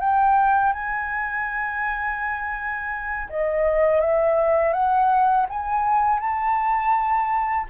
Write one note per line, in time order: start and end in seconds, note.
0.00 0.73 G5
0.73 3.29 G#5
3.30 4.01 D#5
4.01 4.74 E5
4.74 5.47 F#5
5.50 6.20 G#5
6.20 7.67 A5